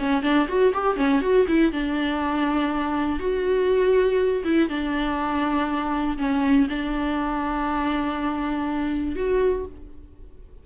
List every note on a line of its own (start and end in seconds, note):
0.00 0.23 C#4
0.23 0.48 D4
0.49 0.74 F#4
0.74 0.97 G4
0.97 1.22 C#4
1.22 1.47 F#4
1.48 1.73 E4
1.73 3.20 D4
3.20 4.44 F#4
4.45 4.69 E4
4.69 6.18 D4
6.18 6.68 C#4
6.70 9.16 D4
9.16 9.66 F#4